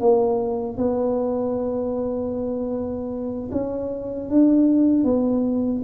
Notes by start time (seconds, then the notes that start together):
0.00 A#3
0.77 B3
3.52 C#4
4.29 D4
5.04 B3